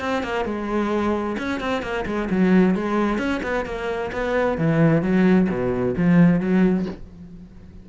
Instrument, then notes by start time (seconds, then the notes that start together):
cello
0.00 C4
0.23 A#3
0.45 G#3
1.38 C#4
1.60 C4
1.82 A#3
2.05 G#3
2.30 F#3
2.75 G#3
3.18 C#4
3.43 B3
3.65 A#3
4.12 B3
4.58 E3
5.02 F#3
5.49 B2
5.97 F3
6.40 F#3